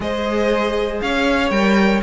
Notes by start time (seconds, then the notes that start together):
0.00 G#3 G#4 C5 D#5
1.01 C#4 C#5 F5
1.50 G3 A#4 G5